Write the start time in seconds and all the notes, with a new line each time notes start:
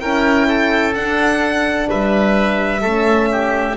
0.00 C#4 E4 A#4 G5
0.48 A4
0.95 D4 F#5
1.89 G3 B4 E5
2.82 A3 C#4 A4
3.32 G4